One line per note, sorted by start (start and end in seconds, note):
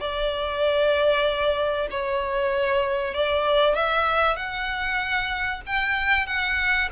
0.00 1.88 D5
1.90 3.14 C#5
3.14 3.75 D5
3.75 4.36 E5
4.36 5.61 F#5
5.66 6.26 G5
6.26 6.89 F#5